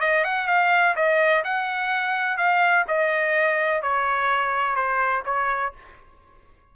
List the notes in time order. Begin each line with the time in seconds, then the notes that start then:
0.00 D#5
0.24 F#5
0.47 F5
0.95 D#5
1.44 F#5
2.37 F5
2.87 D#5
3.82 C#5
4.76 C5
5.25 C#5